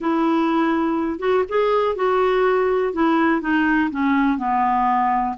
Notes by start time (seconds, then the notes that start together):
0.00 E4
1.19 F#4
1.48 G#4
1.95 F#4
2.93 E4
3.41 D#4
3.90 C#4
4.37 B3